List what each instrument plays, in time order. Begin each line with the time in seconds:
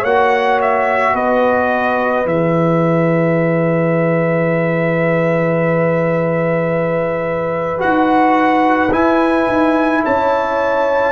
0.00 tuba A#3, trombone F#4, horn C#5, trumpet F#5
0.61 trumpet E5
1.14 tuba B3, horn B4, trumpet D#5
2.25 tuba E3, trombone G#4, trumpet E5
7.78 tuba D#4, trombone F#4, trumpet F#5
8.91 trombone E4, tuba E4, trumpet G#5
9.48 tuba D#4
10.04 tuba C#4, horn C#5, trumpet A5